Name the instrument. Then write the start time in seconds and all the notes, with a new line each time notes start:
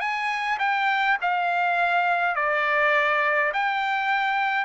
trumpet
0.00 G#5
0.60 G5
1.22 F5
2.36 D5
3.54 G5